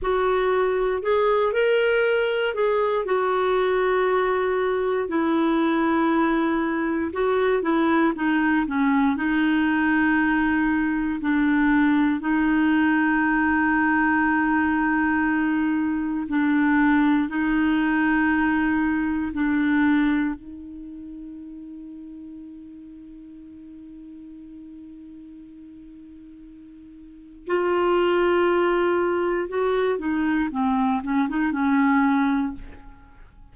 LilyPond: \new Staff \with { instrumentName = "clarinet" } { \time 4/4 \tempo 4 = 59 fis'4 gis'8 ais'4 gis'8 fis'4~ | fis'4 e'2 fis'8 e'8 | dis'8 cis'8 dis'2 d'4 | dis'1 |
d'4 dis'2 d'4 | dis'1~ | dis'2. f'4~ | f'4 fis'8 dis'8 c'8 cis'16 dis'16 cis'4 | }